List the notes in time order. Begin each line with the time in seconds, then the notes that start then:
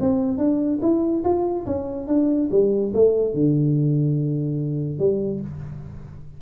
0.00 C4
0.38 D4
0.82 E4
1.24 F4
1.66 C#4
2.07 D4
2.51 G3
2.94 A3
3.34 D3
4.99 G3